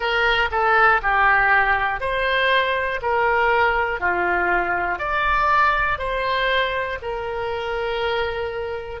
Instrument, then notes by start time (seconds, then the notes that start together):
oboe
0.00 A#4
0.50 A4
1.02 G4
2.00 C5
3.02 A#4
4.00 F4
4.99 D5
5.98 C5
7.02 A#4